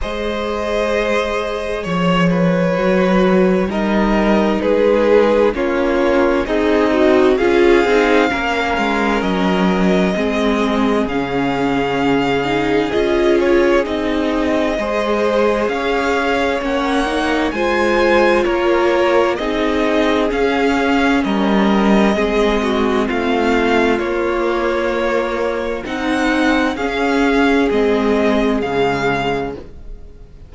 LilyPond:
<<
  \new Staff \with { instrumentName = "violin" } { \time 4/4 \tempo 4 = 65 dis''2 cis''2 | dis''4 b'4 cis''4 dis''4 | f''2 dis''2 | f''2 dis''8 cis''8 dis''4~ |
dis''4 f''4 fis''4 gis''4 | cis''4 dis''4 f''4 dis''4~ | dis''4 f''4 cis''2 | fis''4 f''4 dis''4 f''4 | }
  \new Staff \with { instrumentName = "violin" } { \time 4/4 c''2 cis''8 b'4. | ais'4 gis'4 f'4 dis'4 | gis'4 ais'2 gis'4~ | gis'1 |
c''4 cis''2 c''4 | ais'4 gis'2 ais'4 | gis'8 fis'8 f'2. | dis'4 gis'2. | }
  \new Staff \with { instrumentName = "viola" } { \time 4/4 gis'2. fis'4 | dis'2 cis'4 gis'8 fis'8 | f'8 dis'8 cis'2 c'4 | cis'4. dis'8 f'4 dis'4 |
gis'2 cis'8 dis'8 f'4~ | f'4 dis'4 cis'2 | c'2 ais2 | dis'4 cis'4 c'4 gis4 | }
  \new Staff \with { instrumentName = "cello" } { \time 4/4 gis2 f4 fis4 | g4 gis4 ais4 c'4 | cis'8 c'8 ais8 gis8 fis4 gis4 | cis2 cis'4 c'4 |
gis4 cis'4 ais4 gis4 | ais4 c'4 cis'4 g4 | gis4 a4 ais2 | c'4 cis'4 gis4 cis4 | }
>>